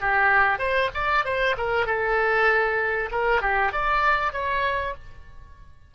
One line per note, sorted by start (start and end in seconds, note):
0.00 0.59 G4
0.59 0.90 C5
0.94 1.25 D5
1.25 1.56 C5
1.58 1.86 A#4
1.86 3.10 A4
3.11 3.41 A#4
3.41 3.72 G4
3.73 4.33 D5
4.33 4.95 C#5